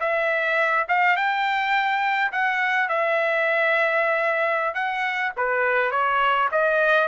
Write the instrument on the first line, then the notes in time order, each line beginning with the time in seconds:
trumpet
0.00 E5
0.88 F5
1.16 G5
2.32 F#5
2.89 E5
4.75 F#5
5.37 B4
5.91 C#5
6.52 D#5